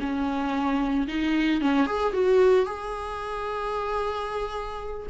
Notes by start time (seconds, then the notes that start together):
0.00 C#4
1.07 D#4
1.61 C#4
1.86 G#4
2.13 F#4
2.66 G#4